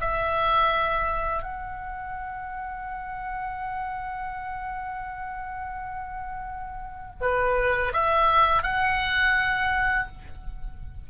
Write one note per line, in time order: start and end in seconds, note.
0.00 1.43 E5
1.43 7.21 F#5
7.21 7.93 B4
7.93 8.63 E5
8.63 10.07 F#5